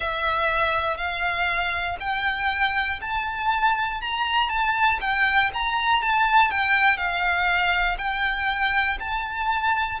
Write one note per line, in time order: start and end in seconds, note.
0.00 0.97 E5
0.97 1.97 F5
2.00 3.00 G5
3.00 4.00 A5
4.00 4.49 A#5
4.49 4.99 A5
5.00 5.50 G5
5.53 6.02 A#5
6.02 6.50 A5
6.50 6.97 G5
6.97 7.97 F5
7.97 8.97 G5
9.00 10.00 A5